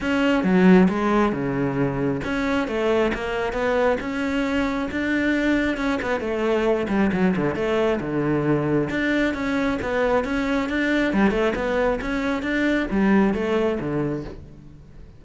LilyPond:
\new Staff \with { instrumentName = "cello" } { \time 4/4 \tempo 4 = 135 cis'4 fis4 gis4 cis4~ | cis4 cis'4 a4 ais4 | b4 cis'2 d'4~ | d'4 cis'8 b8 a4. g8 |
fis8 d8 a4 d2 | d'4 cis'4 b4 cis'4 | d'4 g8 a8 b4 cis'4 | d'4 g4 a4 d4 | }